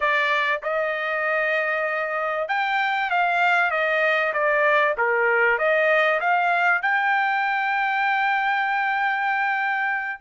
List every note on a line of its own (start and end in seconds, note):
0.00 0.61 D5
0.62 2.48 D#5
2.48 3.10 G5
3.10 3.71 F5
3.71 4.32 D#5
4.33 4.95 D5
4.97 5.58 A#4
5.58 6.20 D#5
6.20 6.82 F5
6.82 10.20 G5